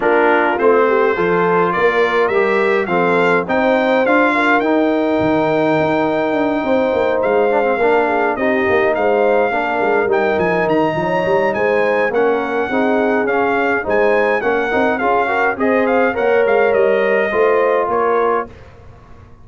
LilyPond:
<<
  \new Staff \with { instrumentName = "trumpet" } { \time 4/4 \tempo 4 = 104 ais'4 c''2 d''4 | e''4 f''4 g''4 f''4 | g''1~ | g''8 f''2 dis''4 f''8~ |
f''4. g''8 gis''8 ais''4. | gis''4 fis''2 f''4 | gis''4 fis''4 f''4 dis''8 f''8 | fis''8 f''8 dis''2 cis''4 | }
  \new Staff \with { instrumentName = "horn" } { \time 4/4 f'4. g'8 a'4 ais'4~ | ais'4 a'4 c''4. ais'8~ | ais'2.~ ais'8 c''8~ | c''4. ais'8 gis'8 g'4 c''8~ |
c''8 ais'2~ ais'8 cis''4 | c''4 ais'4 gis'2 | c''4 ais'4 gis'8 ais'8 c''4 | cis''2 c''4 ais'4 | }
  \new Staff \with { instrumentName = "trombone" } { \time 4/4 d'4 c'4 f'2 | g'4 c'4 dis'4 f'4 | dis'1~ | dis'4 d'16 c'16 d'4 dis'4.~ |
dis'8 d'4 dis'2~ dis'8~ | dis'4 cis'4 dis'4 cis'4 | dis'4 cis'8 dis'8 f'8 fis'8 gis'4 | ais'2 f'2 | }
  \new Staff \with { instrumentName = "tuba" } { \time 4/4 ais4 a4 f4 ais4 | g4 f4 c'4 d'4 | dis'4 dis4 dis'4 d'8 c'8 | ais8 gis4 ais4 c'8 ais8 gis8~ |
gis8 ais8 gis8 g8 f8 dis8 f8 g8 | gis4 ais4 c'4 cis'4 | gis4 ais8 c'8 cis'4 c'4 | ais8 gis8 g4 a4 ais4 | }
>>